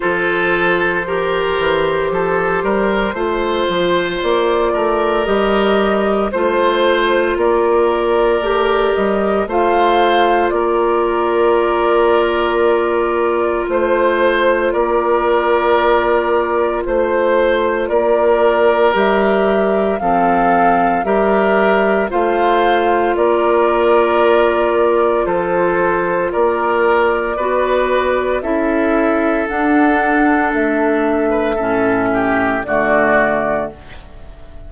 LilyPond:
<<
  \new Staff \with { instrumentName = "flute" } { \time 4/4 \tempo 4 = 57 c''1 | d''4 dis''4 c''4 d''4~ | d''8 dis''8 f''4 d''2~ | d''4 c''4 d''2 |
c''4 d''4 e''4 f''4 | e''4 f''4 d''2 | c''4 d''2 e''4 | fis''4 e''2 d''4 | }
  \new Staff \with { instrumentName = "oboe" } { \time 4/4 a'4 ais'4 a'8 ais'8 c''4~ | c''8 ais'4. c''4 ais'4~ | ais'4 c''4 ais'2~ | ais'4 c''4 ais'2 |
c''4 ais'2 a'4 | ais'4 c''4 ais'2 | a'4 ais'4 b'4 a'4~ | a'4.~ a'16 b'16 a'8 g'8 fis'4 | }
  \new Staff \with { instrumentName = "clarinet" } { \time 4/4 f'4 g'2 f'4~ | f'4 g'4 f'2 | g'4 f'2.~ | f'1~ |
f'2 g'4 c'4 | g'4 f'2.~ | f'2 fis'4 e'4 | d'2 cis'4 a4 | }
  \new Staff \with { instrumentName = "bassoon" } { \time 4/4 f4. e8 f8 g8 a8 f8 | ais8 a8 g4 a4 ais4 | a8 g8 a4 ais2~ | ais4 a4 ais2 |
a4 ais4 g4 f4 | g4 a4 ais2 | f4 ais4 b4 cis'4 | d'4 a4 a,4 d4 | }
>>